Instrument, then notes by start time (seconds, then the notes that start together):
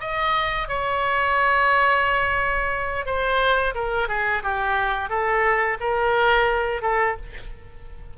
oboe
0.00 D#5
0.68 C#5
3.06 C5
3.74 A#4
4.08 G#4
4.43 G4
5.09 A4
5.80 A#4
6.82 A4